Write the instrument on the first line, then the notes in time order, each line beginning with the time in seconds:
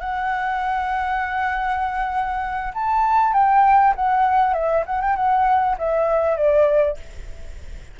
flute
0.00 F#5
2.74 A5
3.33 G5
3.96 F#5
4.54 E5
4.86 F#5
5.01 G5
5.16 F#5
5.78 E5
6.37 D5